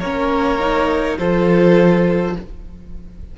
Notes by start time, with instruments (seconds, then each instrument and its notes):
0.00 cello A#3, viola C#4, violin A#4 C#5
0.60 viola D#4
1.18 cello F3, viola F4, violin A4 C5